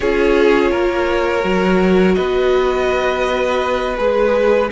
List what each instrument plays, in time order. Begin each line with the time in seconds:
0.00 cello C#4, viola F4, violin G#4 C#5
0.71 cello A#3, violin A#4
1.41 cello F#3, viola F#4
2.14 cello B3, violin B4 D#5
3.97 cello G#3, viola G#4, violin B4